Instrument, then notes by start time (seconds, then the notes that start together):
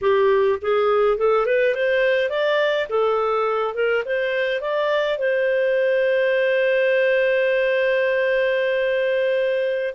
clarinet
0.01 G4
0.61 G#4
1.17 A4
1.46 B4
1.74 C5
2.29 D5
2.89 A4
3.74 A#4
4.05 C5
4.60 D5
5.18 C5